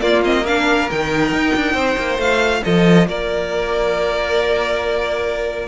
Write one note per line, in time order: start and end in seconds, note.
0.00 0.22 A#3
0.00 0.89 A#3
0.00 0.44 F4
0.00 0.22 D5
0.23 0.45 C4
0.23 0.46 D#5
0.44 0.89 D4
0.44 1.73 A#4
0.44 0.89 F5
0.90 1.32 D#3
0.90 2.21 D#4
0.90 2.20 G5
1.32 1.54 D#4
1.55 1.74 D4
1.73 1.95 C4
1.73 2.60 C5
1.97 2.18 A#3
2.18 2.61 A3
2.18 5.67 F4
2.18 2.63 F5
2.64 3.07 F3
2.64 3.07 A4
2.64 3.07 D#5
3.07 5.67 A#3
3.07 5.67 A#4
3.07 5.67 D5